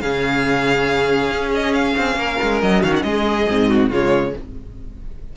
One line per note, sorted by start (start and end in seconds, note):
0.00 1.31 C#3
0.00 3.46 C#4
0.00 2.18 G#4
0.00 1.51 F5
1.31 1.95 C#4
1.54 1.73 D#5
1.73 2.60 F5
1.97 2.15 C4
2.15 2.37 A#3
2.15 2.81 A#4
2.42 2.63 G#3
2.61 2.83 F#3
2.61 2.83 D#5
2.81 3.03 D#3
2.81 3.02 F#4
2.81 2.93 F5
2.96 3.02 F#5
3.02 3.46 G#3
3.02 3.68 G#4
3.02 3.89 D#5
3.48 3.90 G#2
3.48 3.91 C4
3.68 3.89 F#4
3.89 4.33 C#3
3.89 4.34 G#3
3.89 4.32 F4
3.89 4.36 C#5